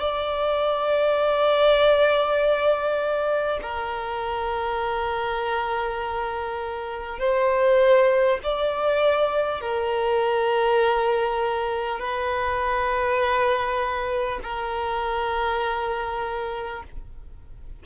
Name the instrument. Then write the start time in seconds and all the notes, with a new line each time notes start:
violin
0.00 D5
3.63 A#4
7.19 C5
8.44 D5
9.62 A#4
11.99 B4
14.43 A#4